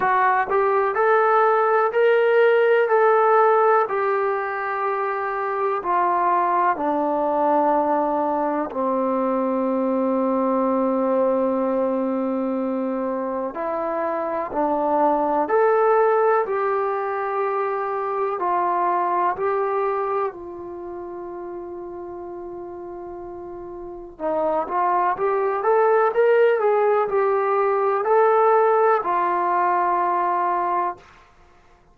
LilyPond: \new Staff \with { instrumentName = "trombone" } { \time 4/4 \tempo 4 = 62 fis'8 g'8 a'4 ais'4 a'4 | g'2 f'4 d'4~ | d'4 c'2.~ | c'2 e'4 d'4 |
a'4 g'2 f'4 | g'4 f'2.~ | f'4 dis'8 f'8 g'8 a'8 ais'8 gis'8 | g'4 a'4 f'2 | }